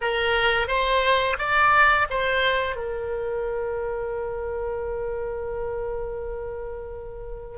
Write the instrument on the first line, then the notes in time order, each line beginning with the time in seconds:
oboe
0.01 A#4
0.67 C5
1.38 D5
2.09 C5
2.76 A#4